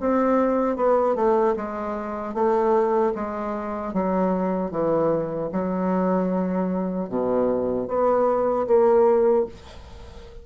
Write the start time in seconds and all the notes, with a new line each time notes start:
0.00 C4
0.76 B3
1.15 A3
1.56 G#3
2.34 A3
3.15 G#3
3.93 F#3
4.71 E3
5.52 F#3
7.09 B2
7.88 B3
8.67 A#3